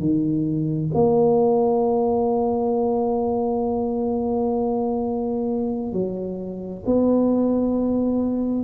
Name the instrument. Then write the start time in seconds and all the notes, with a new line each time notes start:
tuba
0.00 D#3
0.94 A#3
5.93 F#3
6.86 B3